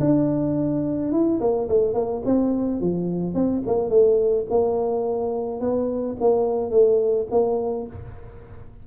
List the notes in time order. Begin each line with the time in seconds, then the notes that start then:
0.00 D4
1.12 E4
1.40 A#3
1.69 A3
1.94 A#3
2.25 C4
2.81 F3
3.35 C4
3.67 A#3
3.89 A3
4.50 A#3
5.60 B3
6.20 A#3
6.71 A3
7.31 A#3